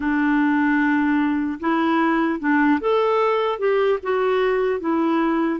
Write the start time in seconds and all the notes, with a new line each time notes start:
0.00 D4
1.60 E4
2.39 D4
2.80 A4
3.58 G4
4.03 F#4
4.80 E4